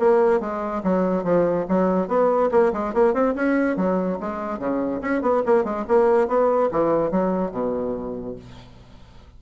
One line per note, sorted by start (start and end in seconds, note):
0.00 0.40 A#3
0.40 0.82 G#3
0.84 1.24 F#3
1.24 1.66 F3
1.69 2.08 F#3
2.08 2.50 B3
2.52 2.73 A#3
2.73 2.94 G#3
2.94 3.14 A#3
3.14 3.35 C4
3.35 3.77 C#4
3.77 4.19 F#3
4.20 4.59 G#3
4.59 5.01 C#3
5.02 5.22 C#4
5.22 5.43 B3
5.46 5.64 A#3
5.64 5.85 G#3
5.88 6.28 A#3
6.28 6.70 B3
6.72 7.11 E3
7.11 7.52 F#3
7.52 8.36 B2